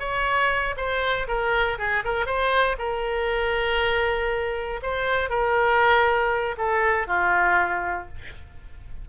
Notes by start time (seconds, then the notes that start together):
0.00 C#5
0.77 C5
1.28 A#4
1.79 G#4
2.05 A#4
2.26 C5
2.79 A#4
4.83 C5
5.30 A#4
6.58 A4
7.07 F4